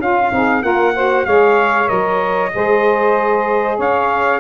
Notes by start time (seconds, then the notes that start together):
0.00 C#4 F4 F5
0.31 C4 D#4 G#4
0.62 A#3 F4 A#4 F#5
0.95 F#4 C5
1.26 G#3 G#4 C#5 F5
1.87 F#3 A#4 D#5
2.55 G#3 G#4 C5
3.78 C#4 C#5 F5